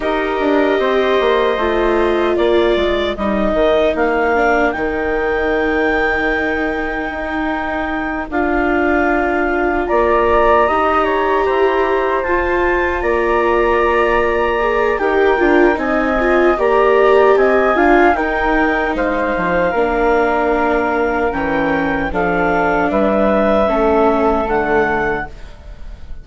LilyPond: <<
  \new Staff \with { instrumentName = "clarinet" } { \time 4/4 \tempo 4 = 76 dis''2. d''4 | dis''4 f''4 g''2~ | g''2~ g''8 f''4.~ | f''8 ais''2. a''8~ |
a''8 ais''2~ ais''8 g''4 | gis''4 ais''4 gis''4 g''4 | f''2. g''4 | f''4 e''2 fis''4 | }
  \new Staff \with { instrumentName = "flute" } { \time 4/4 ais'4 c''2 ais'4~ | ais'1~ | ais'1~ | ais'8 d''4 dis''8 cis''8 c''4.~ |
c''8 d''2~ d''8 ais'4 | dis''4 d''4 dis''8 f''8 ais'4 | c''4 ais'2. | a'4 b'4 a'2 | }
  \new Staff \with { instrumentName = "viola" } { \time 4/4 g'2 f'2 | dis'4. d'8 dis'2~ | dis'2~ dis'8 f'4.~ | f'4. g'2 f'8~ |
f'2~ f'8 gis'8 g'8 f'8 | dis'8 f'8 g'4. f'8 dis'4~ | dis'4 d'2 cis'4 | d'2 cis'4 a4 | }
  \new Staff \with { instrumentName = "bassoon" } { \time 4/4 dis'8 d'8 c'8 ais8 a4 ais8 gis8 | g8 dis8 ais4 dis2~ | dis4 dis'4. d'4.~ | d'8 ais4 dis'4 e'4 f'8~ |
f'8 ais2~ ais8 dis'8 d'8 | c'4 ais4 c'8 d'8 dis'4 | gis8 f8 ais2 e4 | f4 g4 a4 d4 | }
>>